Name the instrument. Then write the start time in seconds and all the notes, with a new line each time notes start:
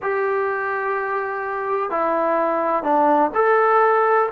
trombone
0.02 G4
1.90 E4
2.83 D4
3.34 A4